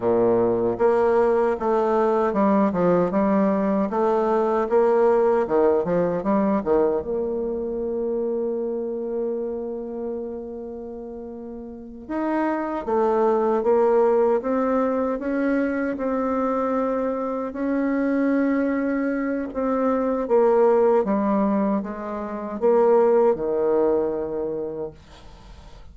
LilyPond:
\new Staff \with { instrumentName = "bassoon" } { \time 4/4 \tempo 4 = 77 ais,4 ais4 a4 g8 f8 | g4 a4 ais4 dis8 f8 | g8 dis8 ais2.~ | ais2.~ ais8 dis'8~ |
dis'8 a4 ais4 c'4 cis'8~ | cis'8 c'2 cis'4.~ | cis'4 c'4 ais4 g4 | gis4 ais4 dis2 | }